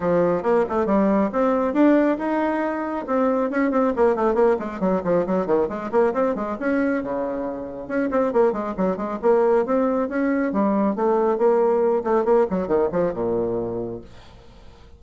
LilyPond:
\new Staff \with { instrumentName = "bassoon" } { \time 4/4 \tempo 4 = 137 f4 ais8 a8 g4 c'4 | d'4 dis'2 c'4 | cis'8 c'8 ais8 a8 ais8 gis8 fis8 f8 | fis8 dis8 gis8 ais8 c'8 gis8 cis'4 |
cis2 cis'8 c'8 ais8 gis8 | fis8 gis8 ais4 c'4 cis'4 | g4 a4 ais4. a8 | ais8 fis8 dis8 f8 ais,2 | }